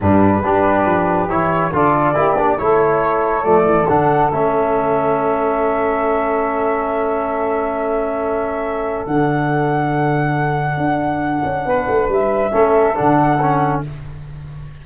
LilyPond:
<<
  \new Staff \with { instrumentName = "flute" } { \time 4/4 \tempo 4 = 139 b'2. cis''4 | d''2 cis''2 | d''4 fis''4 e''2~ | e''1~ |
e''1~ | e''4 fis''2.~ | fis''1 | e''2 fis''2 | }
  \new Staff \with { instrumentName = "saxophone" } { \time 4/4 d'4 g'2. | a'4 g'4 a'2~ | a'1~ | a'1~ |
a'1~ | a'1~ | a'2. b'4~ | b'4 a'2. | }
  \new Staff \with { instrumentName = "trombone" } { \time 4/4 g4 d'2 e'4 | f'4 e'8 d'8 e'2 | a4 d'4 cis'2~ | cis'1~ |
cis'1~ | cis'4 d'2.~ | d'1~ | d'4 cis'4 d'4 cis'4 | }
  \new Staff \with { instrumentName = "tuba" } { \time 4/4 g,4 g4 f4 e4 | d4 ais4 a2 | f8 e8 d4 a2~ | a1~ |
a1~ | a4 d2.~ | d4 d'4. cis'8 b8 a8 | g4 a4 d2 | }
>>